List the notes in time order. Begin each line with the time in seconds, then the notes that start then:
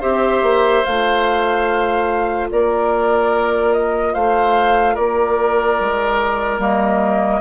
0.00 C4 G4 C5 E5
0.42 A#3
0.83 A3 F4 F5
2.51 A#3 A#4 D5
3.73 D#5
4.13 A3 C5 F5
4.94 A#3 A#4 D5
5.80 G#3
6.58 G3 A#3 D#5